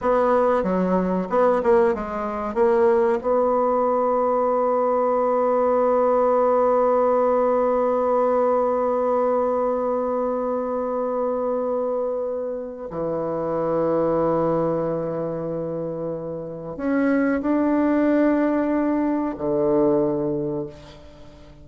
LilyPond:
\new Staff \with { instrumentName = "bassoon" } { \time 4/4 \tempo 4 = 93 b4 fis4 b8 ais8 gis4 | ais4 b2.~ | b1~ | b1~ |
b1 | e1~ | e2 cis'4 d'4~ | d'2 d2 | }